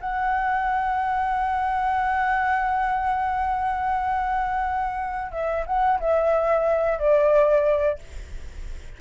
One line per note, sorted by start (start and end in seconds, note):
0.00 5.31 F#5
5.31 5.65 E5
5.66 5.99 F#5
6.00 6.98 E5
6.98 7.98 D5